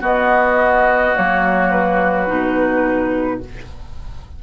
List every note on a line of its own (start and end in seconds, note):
0.00 1.14 B3
0.00 1.15 B3
0.00 3.40 F#4
0.00 1.17 D#5
1.15 2.29 F#3
1.15 2.27 A#3
1.15 1.71 C#5
1.71 3.41 B4
2.27 3.43 B2
2.27 3.40 D#4